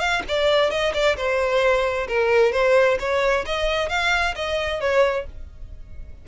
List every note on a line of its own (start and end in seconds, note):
0.00 0.23 F5
0.29 0.71 D5
0.71 0.94 D#5
0.94 1.17 D5
1.17 2.08 C5
2.08 2.53 A#4
2.53 2.98 C5
3.00 3.45 C#5
3.46 3.89 D#5
3.89 4.35 F5
4.36 4.81 D#5
4.81 5.26 C#5